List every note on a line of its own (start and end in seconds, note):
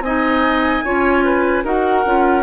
0.00 0.81 C4
0.00 0.84 D#4
0.00 0.84 D#5
0.00 1.64 G#5
0.84 1.64 C#4
0.84 1.64 F4
0.84 1.24 C#5
1.24 1.64 B4
1.64 2.04 D#4
1.64 2.04 F#4
1.64 2.43 A#4
1.64 2.43 F#5
2.05 2.43 C#4
2.05 2.43 F4